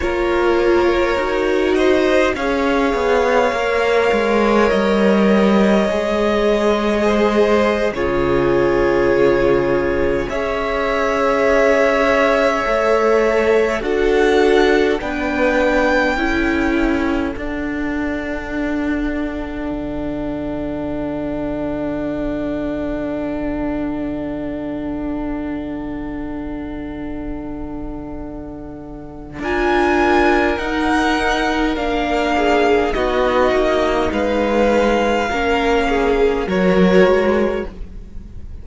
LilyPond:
<<
  \new Staff \with { instrumentName = "violin" } { \time 4/4 \tempo 4 = 51 cis''4. dis''8 f''2 | dis''2~ dis''8. cis''4~ cis''16~ | cis''8. e''2. fis''16~ | fis''8. g''2 fis''4~ fis''16~ |
fis''1~ | fis''1~ | fis''4 gis''4 fis''4 f''4 | dis''4 f''2 cis''4 | }
  \new Staff \with { instrumentName = "violin" } { \time 4/4 ais'4. c''8 cis''2~ | cis''2 c''8. gis'4~ gis'16~ | gis'8. cis''2. a'16~ | a'8. b'4 a'2~ a'16~ |
a'1~ | a'1~ | a'4 ais'2~ ais'8 gis'8 | fis'4 b'4 ais'8 gis'8 ais'4 | }
  \new Staff \with { instrumentName = "viola" } { \time 4/4 f'4 fis'4 gis'4 ais'4~ | ais'4 gis'4.~ gis'16 f'4~ f'16~ | f'8. gis'2 a'4 fis'16~ | fis'8. d'4 e'4 d'4~ d'16~ |
d'1~ | d'1~ | d'4 f'4 dis'4 d'4 | dis'2 cis'4 fis'4 | }
  \new Staff \with { instrumentName = "cello" } { \time 4/4 ais4 dis'4 cis'8 b8 ais8 gis8 | g4 gis4.~ gis16 cis4~ cis16~ | cis8. cis'2 a4 d'16~ | d'8. b4 cis'4 d'4~ d'16~ |
d'8. d2.~ d16~ | d1~ | d4 d'4 dis'4 ais4 | b8 ais8 gis4 ais4 fis8 gis8 | }
>>